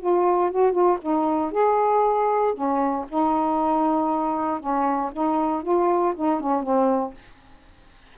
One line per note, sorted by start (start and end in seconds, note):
0.00 0.51 F4
0.52 0.72 F#4
0.72 0.98 F4
1.02 1.52 D#4
1.52 2.54 G#4
2.54 3.06 C#4
3.09 4.60 D#4
4.60 5.11 C#4
5.13 5.63 D#4
5.63 6.14 F4
6.16 6.41 D#4
6.41 6.63 C#4
6.63 7.14 C4